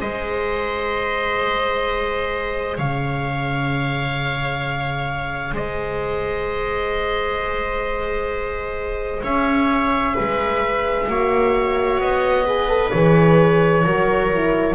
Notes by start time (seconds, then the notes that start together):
0.00 G#3 G#4 C5 D#5
2.77 C#3 C#5 F5
5.52 G#3 C5 D#5
9.23 C#4 C#5 E5
10.14 G#3 B4
11.08 A#3 F#4 C#5
11.99 B3 D#5
12.45 G#4 B4
12.69 A4
12.91 E3 G#4 C#5
13.85 F#3 F#4 A#4
14.34 E4